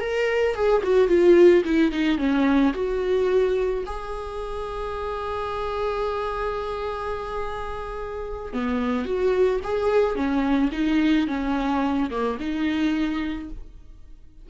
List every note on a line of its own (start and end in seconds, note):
0.00 0.55 A#4
0.55 0.82 G#4
0.83 1.08 F#4
1.08 1.63 F4
1.65 1.92 E4
1.92 2.18 D#4
2.18 2.73 C#4
2.74 3.84 F#4
3.86 8.53 G#4
8.53 9.05 B3
9.05 9.60 F#4
9.64 10.15 G#4
10.15 10.70 C#4
10.72 11.27 D#4
11.27 12.10 C#4
12.11 12.38 A#3
12.40 13.50 D#4